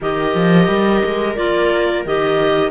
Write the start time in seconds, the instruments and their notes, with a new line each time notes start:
0.00 cello D#3, clarinet G4 D#5, viola A#4
0.34 cello F3
0.67 cello G3
1.05 cello G#3
1.35 cello A#3, clarinet F4 D5
2.05 cello D#3, clarinet G4 D#5